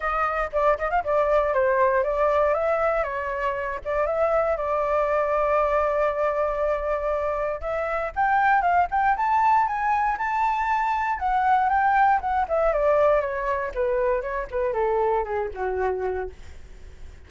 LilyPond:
\new Staff \with { instrumentName = "flute" } { \time 4/4 \tempo 4 = 118 dis''4 d''8 dis''16 f''16 d''4 c''4 | d''4 e''4 cis''4. d''8 | e''4 d''2.~ | d''2. e''4 |
g''4 f''8 g''8 a''4 gis''4 | a''2 fis''4 g''4 | fis''8 e''8 d''4 cis''4 b'4 | cis''8 b'8 a'4 gis'8 fis'4. | }